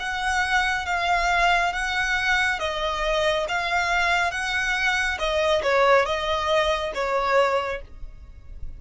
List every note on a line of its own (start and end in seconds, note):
0.00 0.86 F#5
0.86 1.73 F5
1.73 2.60 F#5
2.60 3.47 D#5
3.49 4.32 F5
4.32 5.19 F#5
5.19 5.62 D#5
5.63 6.06 C#5
6.06 6.93 D#5
6.94 7.81 C#5